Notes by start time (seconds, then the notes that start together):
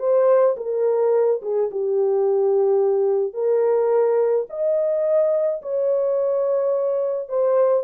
0.00 C5
0.58 A#4
1.43 G#4
1.72 G4
3.34 A#4
4.50 D#5
5.62 C#5
7.29 C5